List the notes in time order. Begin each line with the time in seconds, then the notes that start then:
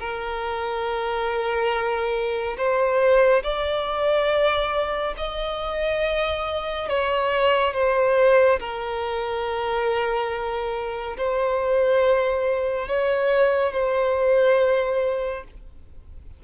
0.00 A#4
2.58 C5
3.44 D5
5.17 D#5
6.89 C#5
7.74 C5
8.60 A#4
11.17 C5
12.88 C#5
13.73 C5